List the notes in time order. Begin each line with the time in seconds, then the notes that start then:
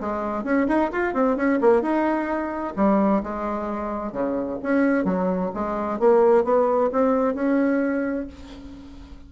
0.00 G#3
0.44 C#4
0.67 D#4
0.91 F4
1.14 C4
1.36 C#4
1.61 A#3
1.82 D#4
2.76 G3
3.23 G#3
4.12 C#3
4.62 C#4
5.05 F#3
5.54 G#3
5.99 A#3
6.44 B3
6.92 C4
7.34 C#4